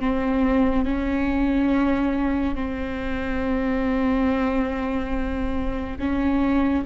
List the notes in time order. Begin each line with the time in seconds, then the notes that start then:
0.00 C4
0.85 C#4
2.55 C4
5.98 C#4